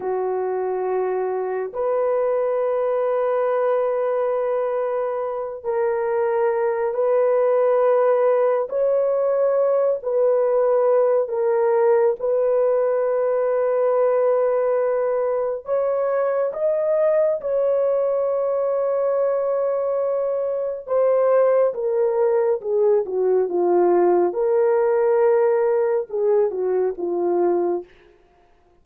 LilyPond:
\new Staff \with { instrumentName = "horn" } { \time 4/4 \tempo 4 = 69 fis'2 b'2~ | b'2~ b'8 ais'4. | b'2 cis''4. b'8~ | b'4 ais'4 b'2~ |
b'2 cis''4 dis''4 | cis''1 | c''4 ais'4 gis'8 fis'8 f'4 | ais'2 gis'8 fis'8 f'4 | }